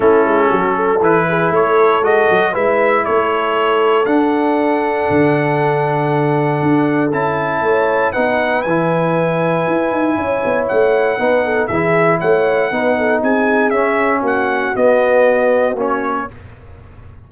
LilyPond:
<<
  \new Staff \with { instrumentName = "trumpet" } { \time 4/4 \tempo 4 = 118 a'2 b'4 cis''4 | dis''4 e''4 cis''2 | fis''1~ | fis''2 a''2 |
fis''4 gis''2.~ | gis''4 fis''2 e''4 | fis''2 gis''4 e''4 | fis''4 dis''2 cis''4 | }
  \new Staff \with { instrumentName = "horn" } { \time 4/4 e'4 fis'8 a'4 gis'8 a'4~ | a'4 b'4 a'2~ | a'1~ | a'2. cis''4 |
b'1 | cis''2 b'8 a'8 gis'4 | cis''4 b'8 a'8 gis'2 | fis'1 | }
  \new Staff \with { instrumentName = "trombone" } { \time 4/4 cis'2 e'2 | fis'4 e'2. | d'1~ | d'2 e'2 |
dis'4 e'2.~ | e'2 dis'4 e'4~ | e'4 dis'2 cis'4~ | cis'4 b2 cis'4 | }
  \new Staff \with { instrumentName = "tuba" } { \time 4/4 a8 gis8 fis4 e4 a4 | gis8 fis8 gis4 a2 | d'2 d2~ | d4 d'4 cis'4 a4 |
b4 e2 e'8 dis'8 | cis'8 b8 a4 b4 e4 | a4 b4 c'4 cis'4 | ais4 b2 ais4 | }
>>